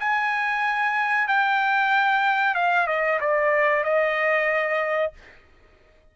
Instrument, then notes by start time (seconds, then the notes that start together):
trumpet
0.00 G#5
1.28 G5
2.55 F5
2.88 D#5
3.21 D5
3.84 D#5